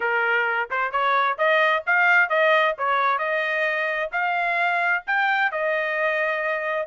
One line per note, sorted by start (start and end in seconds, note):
0.00 0.69 A#4
0.70 0.91 C5
0.91 1.37 C#5
1.37 1.83 D#5
1.86 2.29 F5
2.29 2.75 D#5
2.78 3.18 C#5
3.18 4.10 D#5
4.12 5.03 F5
5.06 5.51 G5
5.51 6.86 D#5